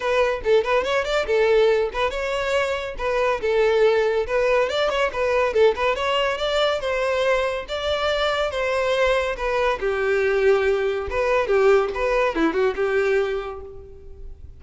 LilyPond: \new Staff \with { instrumentName = "violin" } { \time 4/4 \tempo 4 = 141 b'4 a'8 b'8 cis''8 d''8 a'4~ | a'8 b'8 cis''2 b'4 | a'2 b'4 d''8 cis''8 | b'4 a'8 b'8 cis''4 d''4 |
c''2 d''2 | c''2 b'4 g'4~ | g'2 b'4 g'4 | b'4 e'8 fis'8 g'2 | }